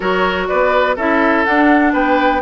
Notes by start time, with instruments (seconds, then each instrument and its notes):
0.00 bassoon F#3, clarinet F#4, oboe A#4, flute C#5
0.47 bassoon B3, oboe B4, flute D5
0.96 bassoon C#4, clarinet E4, oboe A4, flute E5
1.44 clarinet D4, bassoon D4, flute F#5
1.92 bassoon B3, oboe B4, flute G5